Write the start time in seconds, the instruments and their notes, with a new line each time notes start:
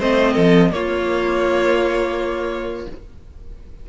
0.00 cello A3, viola C4, violin C5 D#5
0.33 cello F3, violin A4
0.71 viola A#3, cello A#3, violin F4 C#5